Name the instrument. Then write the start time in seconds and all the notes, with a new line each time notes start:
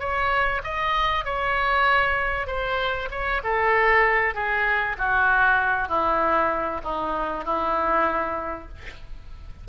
oboe
0.00 C#5
0.64 D#5
1.25 C#5
2.47 C5
3.11 C#5
3.44 A4
4.35 G#4
4.98 F#4
5.88 E4
6.84 D#4
7.45 E4